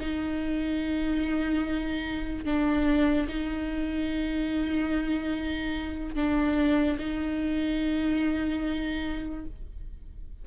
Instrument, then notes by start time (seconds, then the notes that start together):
viola
0.00 D#4
2.45 D4
3.28 D#4
6.15 D4
6.99 D#4